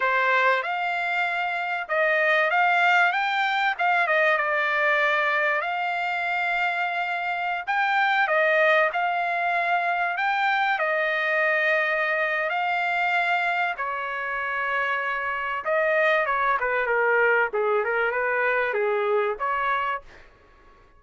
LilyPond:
\new Staff \with { instrumentName = "trumpet" } { \time 4/4 \tempo 4 = 96 c''4 f''2 dis''4 | f''4 g''4 f''8 dis''8 d''4~ | d''4 f''2.~ | f''16 g''4 dis''4 f''4.~ f''16~ |
f''16 g''4 dis''2~ dis''8. | f''2 cis''2~ | cis''4 dis''4 cis''8 b'8 ais'4 | gis'8 ais'8 b'4 gis'4 cis''4 | }